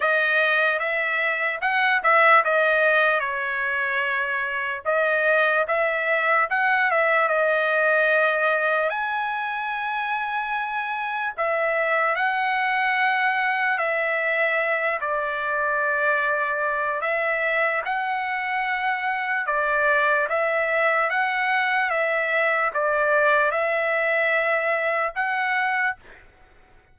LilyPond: \new Staff \with { instrumentName = "trumpet" } { \time 4/4 \tempo 4 = 74 dis''4 e''4 fis''8 e''8 dis''4 | cis''2 dis''4 e''4 | fis''8 e''8 dis''2 gis''4~ | gis''2 e''4 fis''4~ |
fis''4 e''4. d''4.~ | d''4 e''4 fis''2 | d''4 e''4 fis''4 e''4 | d''4 e''2 fis''4 | }